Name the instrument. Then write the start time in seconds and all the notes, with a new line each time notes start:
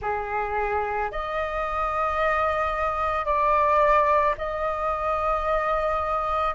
flute
0.01 G#4
1.11 D#5
3.25 D5
4.37 D#5